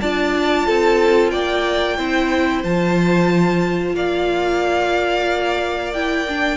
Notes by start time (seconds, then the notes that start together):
0.00 D4 F4 D5 A5
0.66 C4 A4
1.30 A#3 D5 G5
1.97 C4 E4 C5
2.63 F3 F4 A5
3.94 A#3 D5 F5
5.93 E4 G5
6.28 D4